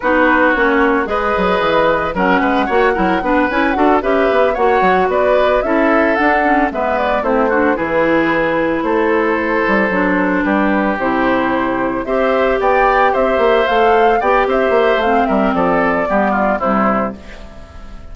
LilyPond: <<
  \new Staff \with { instrumentName = "flute" } { \time 4/4 \tempo 4 = 112 b'4 cis''4 dis''2 | fis''2~ fis''8 gis''8 fis''8 e''8~ | e''8 fis''4 d''4 e''4 fis''8~ | fis''8 e''8 d''8 c''4 b'4.~ |
b'8 c''2. b'8~ | b'8 c''2 e''4 g''8~ | g''8 e''4 f''4 g''8 e''4 | f''8 e''8 d''2 c''4 | }
  \new Staff \with { instrumentName = "oboe" } { \time 4/4 fis'2 b'2 | ais'8 b'8 cis''8 ais'8 b'4 a'8 b'8~ | b'8 cis''4 b'4 a'4.~ | a'8 b'4 e'8 fis'8 gis'4.~ |
gis'8 a'2. g'8~ | g'2~ g'8 c''4 d''8~ | d''8 c''2 d''8 c''4~ | c''8 ais'8 a'4 g'8 f'8 e'4 | }
  \new Staff \with { instrumentName = "clarinet" } { \time 4/4 dis'4 cis'4 gis'2 | cis'4 fis'8 e'8 d'8 e'8 fis'8 g'8~ | g'8 fis'2 e'4 d'8 | cis'8 b4 c'8 d'8 e'4.~ |
e'2~ e'8 d'4.~ | d'8 e'2 g'4.~ | g'4. a'4 g'4. | c'2 b4 g4 | }
  \new Staff \with { instrumentName = "bassoon" } { \time 4/4 b4 ais4 gis8 fis8 e4 | fis8 gis8 ais8 fis8 b8 cis'8 d'8 cis'8 | b8 ais8 fis8 b4 cis'4 d'8~ | d'8 gis4 a4 e4.~ |
e8 a4. g8 fis4 g8~ | g8 c2 c'4 b8~ | b8 c'8 ais8 a4 b8 c'8 ais8 | a8 g8 f4 g4 c4 | }
>>